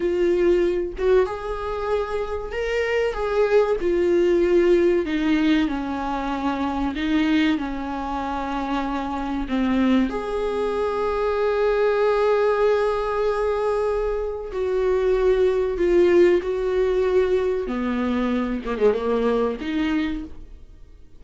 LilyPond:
\new Staff \with { instrumentName = "viola" } { \time 4/4 \tempo 4 = 95 f'4. fis'8 gis'2 | ais'4 gis'4 f'2 | dis'4 cis'2 dis'4 | cis'2. c'4 |
gis'1~ | gis'2. fis'4~ | fis'4 f'4 fis'2 | b4. ais16 gis16 ais4 dis'4 | }